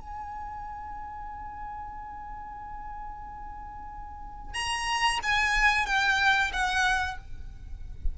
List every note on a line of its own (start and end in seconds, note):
0.00 4.54 G#5
4.54 5.19 A#5
5.23 5.86 G#5
5.86 6.51 G5
6.53 7.18 F#5